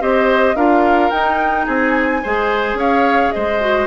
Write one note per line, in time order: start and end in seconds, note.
0.00 0.55 C4
0.00 0.56 G4
0.00 0.56 C5
0.00 0.56 D#5
0.55 1.11 D4
0.55 1.11 F4
0.55 1.65 A#4
0.55 1.10 F5
1.10 1.67 D#4
1.10 2.23 D#4
1.10 1.66 G5
1.65 2.22 C4
1.65 2.21 G#4
1.65 2.79 G#5
2.23 2.74 G#3
2.23 3.60 G#4
2.23 2.78 C5
2.74 3.29 C#4
2.74 3.34 C#5
2.74 3.32 F5
3.32 3.87 G#3
3.32 3.87 C5
3.32 3.87 D#5
3.60 3.87 F#4